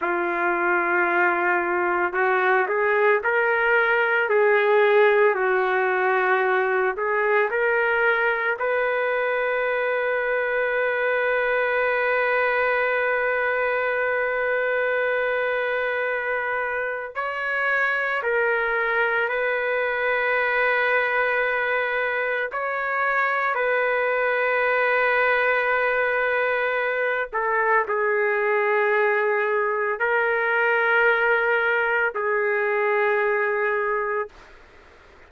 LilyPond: \new Staff \with { instrumentName = "trumpet" } { \time 4/4 \tempo 4 = 56 f'2 fis'8 gis'8 ais'4 | gis'4 fis'4. gis'8 ais'4 | b'1~ | b'1 |
cis''4 ais'4 b'2~ | b'4 cis''4 b'2~ | b'4. a'8 gis'2 | ais'2 gis'2 | }